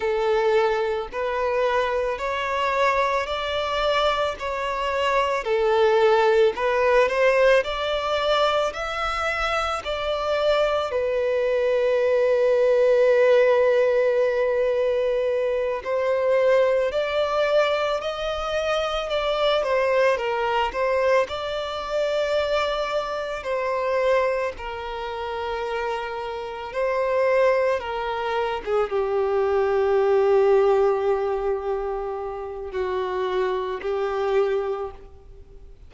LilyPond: \new Staff \with { instrumentName = "violin" } { \time 4/4 \tempo 4 = 55 a'4 b'4 cis''4 d''4 | cis''4 a'4 b'8 c''8 d''4 | e''4 d''4 b'2~ | b'2~ b'8 c''4 d''8~ |
d''8 dis''4 d''8 c''8 ais'8 c''8 d''8~ | d''4. c''4 ais'4.~ | ais'8 c''4 ais'8. gis'16 g'4.~ | g'2 fis'4 g'4 | }